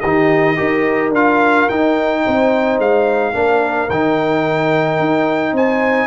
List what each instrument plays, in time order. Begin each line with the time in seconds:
0.00 tuba D#3, trombone D#4, horn G4, trumpet D#5
0.56 tuba D#4, trombone G4, horn A#4
1.10 tuba D4, trombone F4, trumpet F5
1.69 trombone D#4, tuba D#4, trumpet G5
2.24 tuba C4, horn C5
2.78 tuba G#3, trumpet F5
3.33 tuba A#3, trombone D4, horn A#4
3.89 tuba D#3, trombone D#4, trumpet G5
5.00 tuba D#4
5.53 tuba C4, horn C5, trumpet G#5